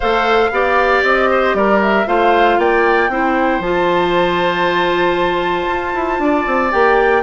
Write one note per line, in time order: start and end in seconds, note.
0.00 0.51 A3
0.00 0.52 A4
0.00 0.50 C5
0.00 1.03 F5
0.51 1.02 B3
0.51 2.06 G4
0.51 1.30 D5
1.03 1.54 C4
1.03 1.54 D#5
1.30 1.56 C5
1.54 2.05 G3
1.54 2.07 A#4
1.54 1.80 D5
1.82 2.07 E5
2.06 2.57 A3
2.06 3.09 F4
2.06 2.59 C5
2.06 2.59 F5
2.57 3.09 A#3
2.57 3.10 D5
2.57 3.62 G5
3.09 3.59 C4
3.09 3.62 E4
3.09 6.22 C5
3.59 5.66 F3
3.59 6.71 F4
3.59 6.71 A5
5.67 5.93 F4
5.93 6.18 E4
6.18 6.44 D4
6.18 7.23 D5
6.47 6.72 C4
6.71 7.23 A#3
6.71 7.22 G4
6.71 7.23 G5